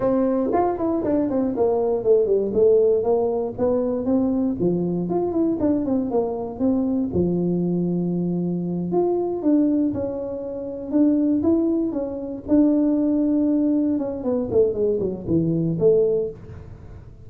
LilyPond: \new Staff \with { instrumentName = "tuba" } { \time 4/4 \tempo 4 = 118 c'4 f'8 e'8 d'8 c'8 ais4 | a8 g8 a4 ais4 b4 | c'4 f4 f'8 e'8 d'8 c'8 | ais4 c'4 f2~ |
f4. f'4 d'4 cis'8~ | cis'4. d'4 e'4 cis'8~ | cis'8 d'2. cis'8 | b8 a8 gis8 fis8 e4 a4 | }